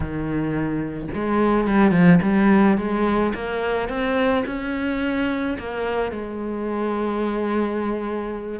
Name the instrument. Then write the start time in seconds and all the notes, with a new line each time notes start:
cello
0.00 D#3
1.14 G#3
1.67 G3
1.91 F3
2.22 G3
2.77 G#3
3.34 A#3
3.89 C4
4.46 C#4
5.59 A#3
6.11 G#3